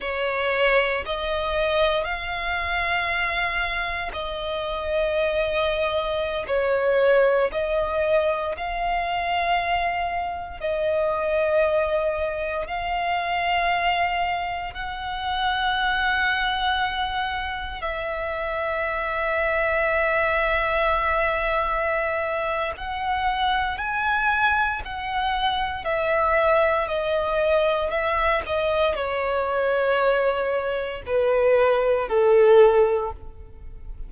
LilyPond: \new Staff \with { instrumentName = "violin" } { \time 4/4 \tempo 4 = 58 cis''4 dis''4 f''2 | dis''2~ dis''16 cis''4 dis''8.~ | dis''16 f''2 dis''4.~ dis''16~ | dis''16 f''2 fis''4.~ fis''16~ |
fis''4~ fis''16 e''2~ e''8.~ | e''2 fis''4 gis''4 | fis''4 e''4 dis''4 e''8 dis''8 | cis''2 b'4 a'4 | }